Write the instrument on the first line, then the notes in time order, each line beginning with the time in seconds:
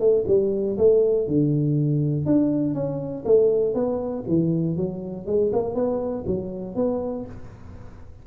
tuba
0.00 A3
0.28 G3
0.78 A3
1.28 D3
2.26 D4
2.75 C#4
3.25 A3
3.75 B3
4.28 E3
4.77 F#3
5.27 G#3
5.53 A#3
5.75 B3
6.27 F#3
6.76 B3